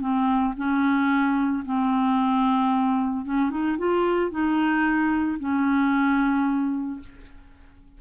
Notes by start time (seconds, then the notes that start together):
0.00 C4
0.56 C#4
1.65 C4
3.25 C#4
3.50 D#4
3.77 F4
4.31 D#4
5.39 C#4